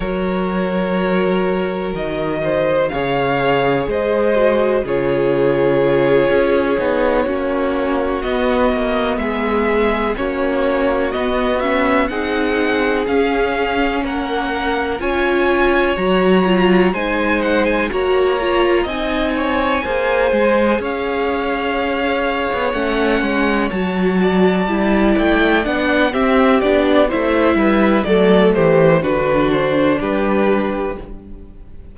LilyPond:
<<
  \new Staff \with { instrumentName = "violin" } { \time 4/4 \tempo 4 = 62 cis''2 dis''4 f''4 | dis''4 cis''2.~ | cis''8 dis''4 e''4 cis''4 dis''8 | e''8 fis''4 f''4 fis''4 gis''8~ |
gis''8 ais''4 gis''8 fis''16 gis''16 ais''4 gis''8~ | gis''4. f''2 fis''8~ | fis''8 a''4. g''8 fis''8 e''8 d''8 | e''4 d''8 c''8 b'8 c''8 b'4 | }
  \new Staff \with { instrumentName = "violin" } { \time 4/4 ais'2~ ais'8 c''8 cis''4 | c''4 gis'2~ gis'8 fis'8~ | fis'4. gis'4 fis'4.~ | fis'8 gis'2 ais'4 cis''8~ |
cis''4. c''4 cis''4 dis''8 | cis''8 c''4 cis''2~ cis''8~ | cis''4 d''2 g'4 | c''8 b'8 a'8 g'8 fis'4 g'4 | }
  \new Staff \with { instrumentName = "viola" } { \time 4/4 fis'2. gis'4~ | gis'8 fis'8 f'2 dis'8 cis'8~ | cis'8 b2 cis'4 b8 | cis'8 dis'4 cis'2 f'8~ |
f'8 fis'8 f'8 dis'4 fis'8 f'8 dis'8~ | dis'8 gis'2. cis'8~ | cis'8 fis'4 e'4 d'8 c'8 d'8 | e'4 a4 d'2 | }
  \new Staff \with { instrumentName = "cello" } { \time 4/4 fis2 dis4 cis4 | gis4 cis4. cis'8 b8 ais8~ | ais8 b8 ais8 gis4 ais4 b8~ | b8 c'4 cis'4 ais4 cis'8~ |
cis'8 fis4 gis4 ais4 c'8~ | c'8 ais8 gis8 cis'4.~ cis'16 b16 a8 | gis8 fis4 g8 a8 b8 c'8 b8 | a8 g8 fis8 e8 d4 g4 | }
>>